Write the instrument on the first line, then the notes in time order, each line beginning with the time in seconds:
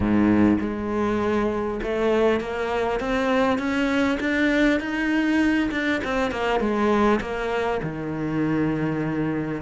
cello
0.00 G#2
0.60 G#3
1.82 A3
2.40 A#3
3.00 C4
3.58 C#4
4.20 D4
4.80 D#4
5.71 D4
6.04 C4
6.31 A#3
6.59 G#3
7.20 A#3
7.82 D#3